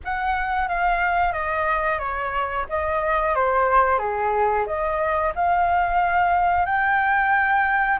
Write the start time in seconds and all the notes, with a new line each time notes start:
0.04 F#5
0.68 F5
1.32 D#5
1.98 C#5
2.69 D#5
3.35 C5
3.98 G#4
4.66 D#5
5.35 F5
6.65 G5